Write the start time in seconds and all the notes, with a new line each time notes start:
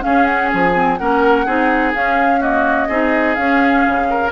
0.00 C#4 G#4 F5
0.25 F#5
0.53 F3 G#5
0.73 C4
0.97 A#3 C#4 A#4 F#5
1.45 C4 D#4 G#4
1.94 C#4 F5
2.40 A#3 F#4 D#5
2.88 C4 D#4 G#4
3.34 C#4 F5
3.87 C#3
4.10 A#4